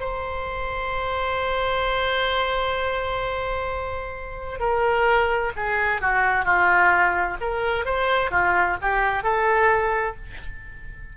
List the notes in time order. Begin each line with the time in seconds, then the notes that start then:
0.00 C5
4.60 A#4
5.56 G#4
6.01 F#4
6.44 F4
7.41 A#4
7.85 C5
8.31 F4
8.82 G4
9.23 A4